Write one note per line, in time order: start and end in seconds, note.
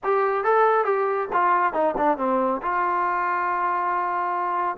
0.03 0.43 G4
0.43 0.84 A4
0.84 1.28 G4
1.32 1.73 F4
1.73 1.95 D#4
1.97 2.17 D4
2.17 2.61 C4
2.62 4.77 F4